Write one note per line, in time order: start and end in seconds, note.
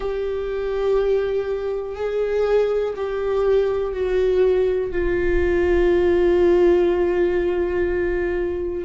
0.00 1.95 G4
1.95 2.94 G#4
2.96 3.93 G4
3.93 4.91 F#4
4.91 8.84 F4